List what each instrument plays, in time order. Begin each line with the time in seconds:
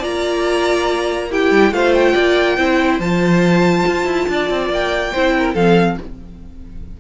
0.00 cello A#3, viola F4, violin D5 A#5
1.31 viola E4, violin G4 G5
1.51 cello G3
1.71 cello A3, viola F4, violin C5 F5
1.94 violin G5
2.13 cello A#3, violin D5
2.57 cello C4, viola E4, violin C5
3.00 cello F3, viola F4, violin A5
3.87 cello F4
4.05 cello E4
4.29 cello D4, violin D5
4.50 cello C4
4.69 cello A#3, violin G5
5.12 cello C4, viola E4, violin C5
5.38 violin A#4
5.54 cello F3, viola C4, violin A4 F5